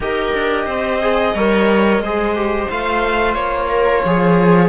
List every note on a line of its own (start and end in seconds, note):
0.00 0.32 D#4
0.00 1.01 G4
0.00 0.66 A#4
0.00 2.70 D#5
0.33 0.66 D4
0.66 1.33 C4
0.66 1.33 C5
1.01 1.35 G#4
1.34 1.98 G3
1.34 2.04 A#4
1.34 2.01 C#5
1.98 2.66 G#3
1.98 3.69 C5
2.04 2.36 G#4
2.36 2.69 G4
2.70 3.35 A3
2.70 4.69 F4
2.70 3.34 F5
3.34 4.03 A#3
3.34 4.69 C#5
3.69 4.03 A#4
4.04 4.69 F3
4.04 4.69 G#4